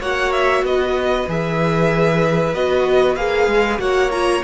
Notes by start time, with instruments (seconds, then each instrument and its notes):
0.00 cello A#3, viola F#4, violin C#5 F#5
0.32 violin E5
0.63 cello B3, violin B4 D#5
1.28 cello E3, viola G#4, violin E5
2.54 cello B3, viola F#4, violin D#5
3.16 cello A#3, viola G#4, violin F5
3.47 cello G#3
3.78 cello A#3, viola F#4, violin C#5 F#5
4.11 viola F4, violin A#5